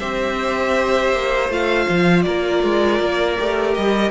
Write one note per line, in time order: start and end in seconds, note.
0.00 1.13 C4
0.00 1.50 G4
0.00 2.25 C5
0.00 1.50 E5
1.13 1.50 A#3
1.50 1.87 A3
1.50 3.38 F4
1.50 2.23 F5
1.89 2.26 F3
2.23 2.64 A#3
2.23 4.11 A#4
2.23 3.73 D5
2.64 3.00 G#3
3.00 3.38 A#3
3.39 3.78 A3
3.39 4.11 G4
3.75 4.11 G3
3.75 4.11 D#5